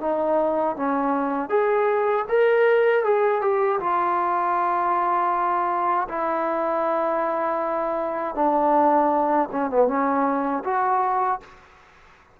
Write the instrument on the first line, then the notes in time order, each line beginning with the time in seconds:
trombone
0.00 D#4
0.76 C#4
1.49 G#4
2.28 A#4
3.04 G#4
3.41 G4
3.80 F4
6.08 E4
8.35 D4
9.52 C#4
9.70 B3
9.87 C#4
10.64 F#4